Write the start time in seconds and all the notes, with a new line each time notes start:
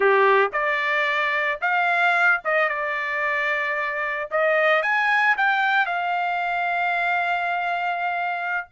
0.00 G4
0.52 D5
1.61 F5
2.44 D#5
2.68 D5
4.30 D#5
4.82 G#5
5.37 G5
5.86 F5